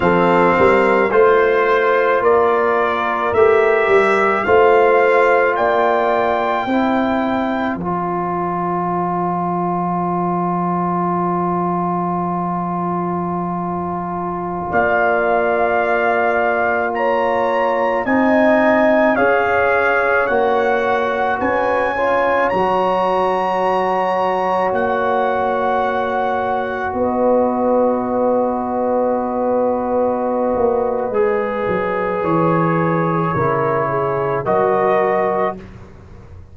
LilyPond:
<<
  \new Staff \with { instrumentName = "trumpet" } { \time 4/4 \tempo 4 = 54 f''4 c''4 d''4 e''4 | f''4 g''2 a''4~ | a''1~ | a''4~ a''16 f''2 ais''8.~ |
ais''16 gis''4 f''4 fis''4 gis''8.~ | gis''16 ais''2 fis''4.~ fis''16~ | fis''16 dis''2.~ dis''8.~ | dis''4 cis''2 dis''4 | }
  \new Staff \with { instrumentName = "horn" } { \time 4/4 a'8 ais'8 c''4 ais'2 | c''4 d''4 c''2~ | c''1~ | c''4~ c''16 d''2 cis''8.~ |
cis''16 dis''4 cis''2 b'8 cis''16~ | cis''1~ | cis''16 b'2.~ b'8.~ | b'2 ais'8 gis'8 ais'4 | }
  \new Staff \with { instrumentName = "trombone" } { \time 4/4 c'4 f'2 g'4 | f'2 e'4 f'4~ | f'1~ | f'1~ |
f'16 dis'4 gis'4 fis'4. f'16~ | f'16 fis'2.~ fis'8.~ | fis'1 | gis'2 e'4 fis'4 | }
  \new Staff \with { instrumentName = "tuba" } { \time 4/4 f8 g8 a4 ais4 a8 g8 | a4 ais4 c'4 f4~ | f1~ | f4~ f16 ais2~ ais8.~ |
ais16 c'4 cis'4 ais4 cis'8.~ | cis'16 fis2 ais4.~ ais16~ | ais16 b2.~ b16 ais8 | gis8 fis8 e4 cis4 fis4 | }
>>